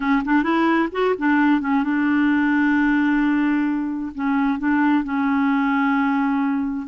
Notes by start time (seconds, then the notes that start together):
0.00 C#4
0.24 D4
0.43 E4
0.91 F#4
1.18 D4
1.61 C#4
1.83 D4
4.15 C#4
4.58 D4
5.04 C#4